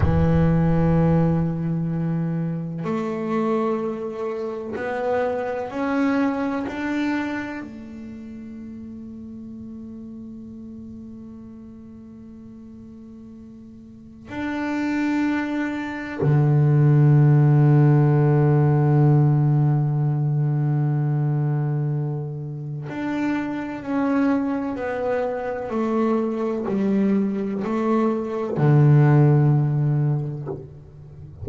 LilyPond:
\new Staff \with { instrumentName = "double bass" } { \time 4/4 \tempo 4 = 63 e2. a4~ | a4 b4 cis'4 d'4 | a1~ | a2. d'4~ |
d'4 d2.~ | d1 | d'4 cis'4 b4 a4 | g4 a4 d2 | }